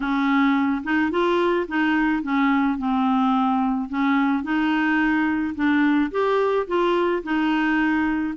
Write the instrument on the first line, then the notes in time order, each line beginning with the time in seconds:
clarinet
0.00 C#4
0.83 D#4
1.11 F4
1.67 D#4
2.22 C#4
2.78 C4
3.89 C#4
4.43 D#4
5.55 D4
6.11 G4
6.67 F4
7.23 D#4